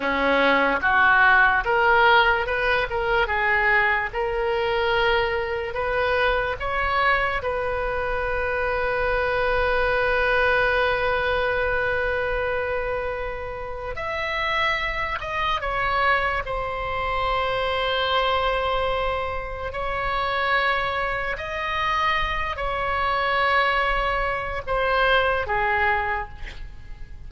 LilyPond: \new Staff \with { instrumentName = "oboe" } { \time 4/4 \tempo 4 = 73 cis'4 fis'4 ais'4 b'8 ais'8 | gis'4 ais'2 b'4 | cis''4 b'2.~ | b'1~ |
b'4 e''4. dis''8 cis''4 | c''1 | cis''2 dis''4. cis''8~ | cis''2 c''4 gis'4 | }